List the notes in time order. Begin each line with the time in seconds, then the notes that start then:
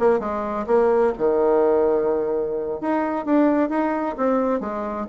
0.00 A#3
0.20 G#3
0.67 A#3
1.18 D#3
2.81 D#4
3.26 D4
3.70 D#4
4.17 C4
4.60 G#3